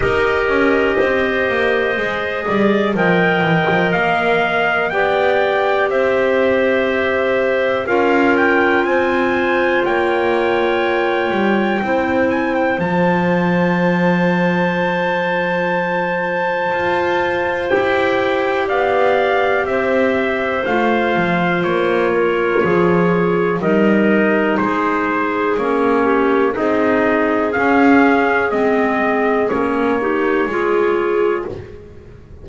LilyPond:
<<
  \new Staff \with { instrumentName = "trumpet" } { \time 4/4 \tempo 4 = 61 dis''2. g''4 | f''4 g''4 e''2 | f''8 g''8 gis''4 g''2~ | g''8 gis''16 g''16 a''2.~ |
a''2 g''4 f''4 | e''4 f''4 cis''2 | dis''4 c''4 cis''4 dis''4 | f''4 dis''4 cis''2 | }
  \new Staff \with { instrumentName = "clarinet" } { \time 4/4 ais'4 c''4. d''8 dis''4~ | dis''4 d''4 c''2 | ais'4 c''4 cis''2 | c''1~ |
c''2. d''4 | c''2~ c''8 ais'8 gis'4 | ais'4 gis'4. g'8 gis'4~ | gis'2~ gis'8 g'8 gis'4 | }
  \new Staff \with { instrumentName = "clarinet" } { \time 4/4 g'2 gis'4 ais'4~ | ais'4 g'2. | f'1 | e'4 f'2.~ |
f'2 g'2~ | g'4 f'2. | dis'2 cis'4 dis'4 | cis'4 c'4 cis'8 dis'8 f'4 | }
  \new Staff \with { instrumentName = "double bass" } { \time 4/4 dis'8 cis'8 c'8 ais8 gis8 g8 f8 e16 f16 | ais4 b4 c'2 | cis'4 c'4 ais4. g8 | c'4 f2.~ |
f4 f'4 e'4 b4 | c'4 a8 f8 ais4 f4 | g4 gis4 ais4 c'4 | cis'4 gis4 ais4 gis4 | }
>>